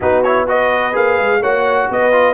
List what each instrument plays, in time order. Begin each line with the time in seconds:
0.00 tuba B3, trombone D#4, horn F#4, trumpet B4
0.22 trombone E4, trumpet C#5
0.47 trombone F#4, horn B4, trumpet D#5
0.92 tuba A#3, trombone G#4, trumpet F5
1.18 tuba G#3
1.41 tuba A#3, trombone F#4, horn C#5, trumpet F#5
1.90 tuba B3, horn B4, trumpet D#5
2.12 trombone F4